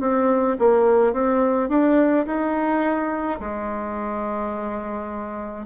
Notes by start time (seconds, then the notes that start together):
0.00 C4
0.59 A#3
1.13 C4
1.69 D4
2.26 D#4
3.40 G#3